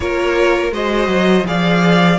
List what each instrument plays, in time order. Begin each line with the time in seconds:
0.00 cello A#3, viola F4, violin A#4 C#5
0.71 cello G#3, viola F#4, violin C5 D#5
1.07 cello F#3
1.45 cello F3, viola G#4, violin D5 F5